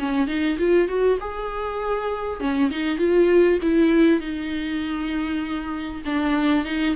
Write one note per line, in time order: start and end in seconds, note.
0.00 0.28 C#4
0.28 0.58 D#4
0.59 0.89 F4
0.89 1.19 F#4
1.21 2.40 G#4
2.40 2.71 C#4
2.71 2.99 D#4
2.99 3.60 F4
3.63 4.21 E4
4.21 6.02 D#4
6.06 6.66 D4
6.66 6.96 D#4